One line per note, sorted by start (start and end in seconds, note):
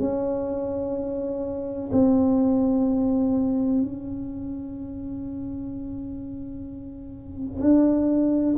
0.00 1.90 C#4
1.92 3.82 C4
3.82 7.61 C#4
7.61 8.56 D4